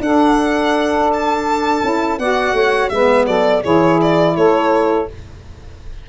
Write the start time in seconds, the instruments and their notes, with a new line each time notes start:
0.00 tuba D4, saxophone D4 A4, violin F#5
1.13 violin A5
1.83 tuba C#4, saxophone E4
2.18 tuba B3, saxophone F#4 D5, violin F#5
2.53 tuba A3, saxophone C#5
2.89 tuba G#3, saxophone B3 B4, violin E5
3.26 tuba F#3, saxophone A4, violin D5
3.61 tuba E3, saxophone E4 G#4, violin C#5
4.01 violin D5
4.36 tuba A3, saxophone A4, violin C#5